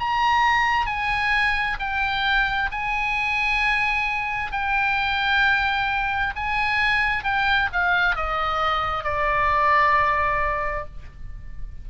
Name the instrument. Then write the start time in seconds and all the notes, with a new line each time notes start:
oboe
0.00 A#5
0.86 G#5
1.80 G5
2.71 G#5
4.52 G5
6.36 G#5
7.24 G5
7.73 F5
8.16 D#5
9.04 D5